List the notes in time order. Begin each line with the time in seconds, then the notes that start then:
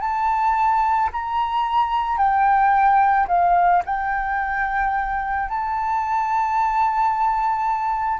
0.00 A5
1.13 A#5
2.18 G5
3.28 F5
3.85 G5
5.49 A5